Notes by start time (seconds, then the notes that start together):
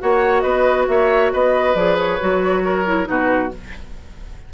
0.00 A#3 F#4 C#5 F#5
0.40 B3 B4 D#5
0.88 A#3 C#5 E5
1.33 B3 B4 D#5
1.75 F3 G#4 D5
1.99 C#5
2.20 F#3 F#4
2.65 A#4
2.86 E4
3.05 B2 D#4 F#4 B4